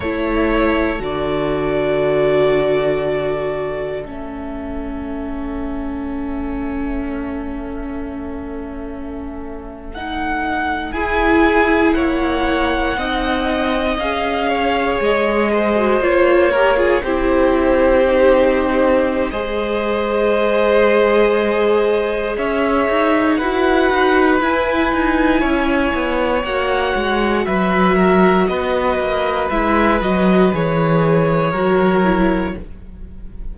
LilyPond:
<<
  \new Staff \with { instrumentName = "violin" } { \time 4/4 \tempo 4 = 59 cis''4 d''2. | e''1~ | e''4.~ e''16 fis''4 gis''4 fis''16~ | fis''4.~ fis''16 f''4 dis''4 cis''16~ |
cis''8. c''2~ c''16 dis''4~ | dis''2 e''4 fis''4 | gis''2 fis''4 e''4 | dis''4 e''8 dis''8 cis''2 | }
  \new Staff \with { instrumentName = "violin" } { \time 4/4 a'1~ | a'1~ | a'2~ a'8. gis'4 cis''16~ | cis''8. dis''4. cis''4 c''8.~ |
c''16 ais'16 gis'16 g'2~ g'16 c''4~ | c''2 cis''4 b'4~ | b'4 cis''2 b'8 ais'8 | b'2. ais'4 | }
  \new Staff \with { instrumentName = "viola" } { \time 4/4 e'4 fis'2. | cis'1~ | cis'4.~ cis'16 dis'4 e'4~ e'16~ | e'8. dis'4 gis'4.~ gis'16 fis'16 f'16~ |
f'16 g'16 f'16 e'4 dis'4~ dis'16 gis'4~ | gis'2. fis'4 | e'2 fis'2~ | fis'4 e'8 fis'8 gis'4 fis'8 e'8 | }
  \new Staff \with { instrumentName = "cello" } { \time 4/4 a4 d2. | a1~ | a2~ a8. e'4 ais16~ | ais8. c'4 cis'4 gis4 ais16~ |
ais8. c'2~ c'16 gis4~ | gis2 cis'8 dis'8 e'8 dis'8 | e'8 dis'8 cis'8 b8 ais8 gis8 fis4 | b8 ais8 gis8 fis8 e4 fis4 | }
>>